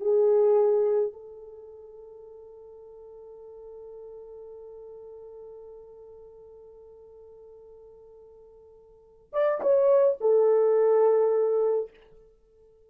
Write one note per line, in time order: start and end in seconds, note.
0.00 1.13 G#4
1.13 9.33 A4
9.33 9.61 D5
9.61 10.18 C#5
10.20 11.90 A4